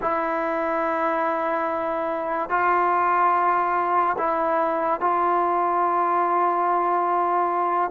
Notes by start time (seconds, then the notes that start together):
0.01 E4
2.49 F4
4.17 E4
5.00 F4